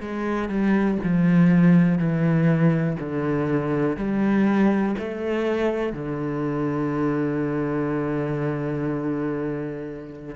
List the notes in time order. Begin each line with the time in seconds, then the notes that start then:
0.00 G#3
0.49 G3
1.03 F3
1.98 E3
2.99 D3
3.97 G3
4.98 A3
5.92 D3